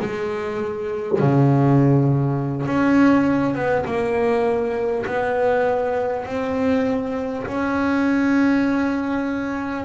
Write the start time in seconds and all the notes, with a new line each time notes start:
0.00 G#3
1.19 C#3
2.67 C#4
3.55 B3
3.86 A#3
5.07 B3
6.26 C4
7.47 C#4